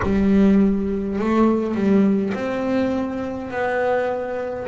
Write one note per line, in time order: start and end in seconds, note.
0.02 1.18 G3
1.18 1.74 A3
1.74 2.33 G3
2.34 3.50 C4
3.51 4.67 B3